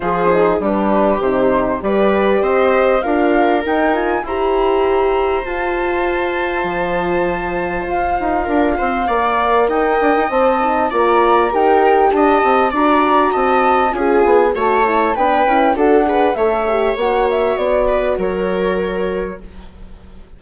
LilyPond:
<<
  \new Staff \with { instrumentName = "flute" } { \time 4/4 \tempo 4 = 99 c''4 b'4 c''4 d''4 | dis''4 f''4 g''8 gis''8 ais''4~ | ais''4 a''2.~ | a''4 f''2. |
g''4 a''4 ais''4 g''4 | a''4 ais''4 a''4 gis''4 | a''4 g''4 fis''4 e''4 | fis''8 e''8 d''4 cis''2 | }
  \new Staff \with { instrumentName = "viola" } { \time 4/4 gis'4 g'2 b'4 | c''4 ais'2 c''4~ | c''1~ | c''2 ais'8 c''8 d''4 |
dis''2 d''4 ais'4 | dis''4 d''4 dis''4 gis'4 | cis''4 b'4 a'8 b'8 cis''4~ | cis''4. b'8 ais'2 | }
  \new Staff \with { instrumentName = "horn" } { \time 4/4 f'8 dis'8 d'4 dis'4 g'4~ | g'4 f'4 dis'8 f'8 g'4~ | g'4 f'2.~ | f'2. ais'4~ |
ais'4 c''8 dis'8 f'4 g'4~ | g'4 fis'2 f'4 | fis'8 e'8 d'8 e'8 fis'8 gis'8 a'8 g'8 | fis'1 | }
  \new Staff \with { instrumentName = "bassoon" } { \time 4/4 f4 g4 c4 g4 | c'4 d'4 dis'4 e'4~ | e'4 f'2 f4~ | f4 f'8 dis'8 d'8 c'8 ais4 |
dis'8 d'16 dis'16 c'4 ais4 dis'4 | d'8 c'8 d'4 c'4 cis'8 b8 | a4 b8 cis'8 d'4 a4 | ais4 b4 fis2 | }
>>